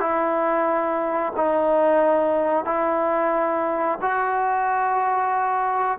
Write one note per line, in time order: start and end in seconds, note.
0.00 1.33 E4
1.36 2.65 D#4
2.65 3.99 E4
4.02 5.99 F#4